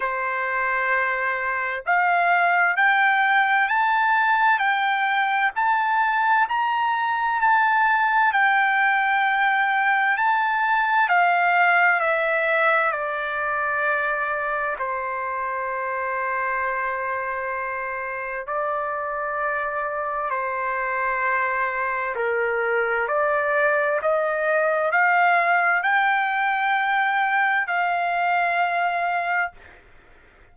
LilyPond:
\new Staff \with { instrumentName = "trumpet" } { \time 4/4 \tempo 4 = 65 c''2 f''4 g''4 | a''4 g''4 a''4 ais''4 | a''4 g''2 a''4 | f''4 e''4 d''2 |
c''1 | d''2 c''2 | ais'4 d''4 dis''4 f''4 | g''2 f''2 | }